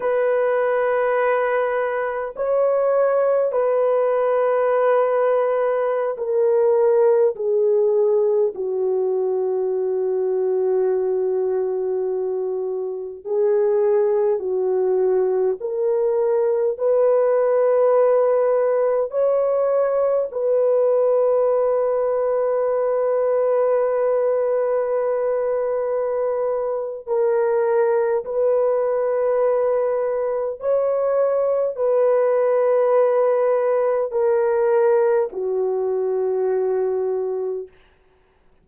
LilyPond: \new Staff \with { instrumentName = "horn" } { \time 4/4 \tempo 4 = 51 b'2 cis''4 b'4~ | b'4~ b'16 ais'4 gis'4 fis'8.~ | fis'2.~ fis'16 gis'8.~ | gis'16 fis'4 ais'4 b'4.~ b'16~ |
b'16 cis''4 b'2~ b'8.~ | b'2. ais'4 | b'2 cis''4 b'4~ | b'4 ais'4 fis'2 | }